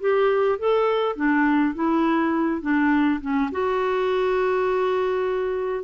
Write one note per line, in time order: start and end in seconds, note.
0.00 0.59 G4
0.59 1.16 A4
1.16 1.75 D4
1.75 2.61 E4
2.61 3.20 D4
3.21 3.50 C#4
3.52 5.84 F#4